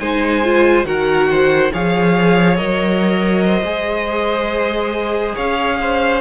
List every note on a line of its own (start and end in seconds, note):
0.00 0.85 G#3
0.00 0.44 D#4
0.00 0.86 C5
0.00 0.86 G#5
0.44 0.85 F4
0.85 1.71 D#3
0.85 1.71 F#4
0.85 1.29 A#4
0.85 1.72 F#5
1.31 1.73 C5
1.73 2.60 F3
1.73 2.57 G#4
1.73 3.44 C#5
1.73 2.57 F5
2.57 3.63 F#3
2.57 3.64 A#4
2.57 5.36 D#5
3.45 5.36 C5
3.63 5.34 G#3
3.63 6.21 G#4
5.36 6.21 C#4
5.36 5.78 C#5
5.36 6.21 F5
5.81 6.21 C5